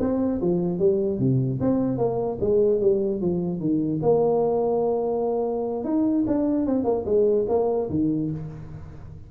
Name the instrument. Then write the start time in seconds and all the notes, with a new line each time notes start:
tuba
0.00 C4
0.41 F3
0.79 G3
1.19 C3
1.61 C4
1.98 A#3
2.41 G#3
2.80 G3
3.21 F3
3.60 D#3
4.02 A#3
5.84 D#4
6.27 D4
6.66 C4
6.84 A#3
7.05 G#3
7.49 A#3
7.90 D#3